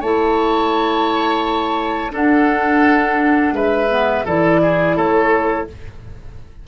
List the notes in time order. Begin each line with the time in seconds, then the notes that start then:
0.00 A3 E4 C#5 A5
2.10 D4 A4 F#5
3.52 G#3 B4 E5
3.90 B3
4.25 E3 E4 A4 D5
4.62 G#4
4.96 A3 A4 C#5